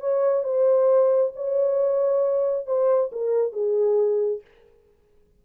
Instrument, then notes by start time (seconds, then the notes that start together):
horn
0.00 C#5
0.43 C5
1.36 C#5
2.66 C5
3.12 A#4
3.52 G#4